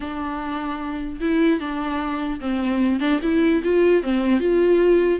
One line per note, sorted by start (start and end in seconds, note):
0.00 1.20 D4
1.20 1.60 E4
1.60 2.40 D4
2.40 2.99 C4
2.99 3.19 D4
3.22 3.62 E4
3.63 4.02 F4
4.02 4.39 C4
4.39 5.19 F4